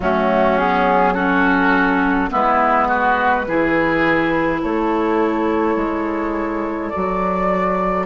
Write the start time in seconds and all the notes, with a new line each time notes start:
0.00 F#3 A3 C#4 F#4
0.57 B3 G#4
1.14 C#4 F#4 A4
2.29 G#3 B3 E4 B4
2.87 F#4
3.47 E3 E4 G#4
4.61 A3 A4 C#5
5.75 G#3
6.89 F#4 D5
6.96 F#3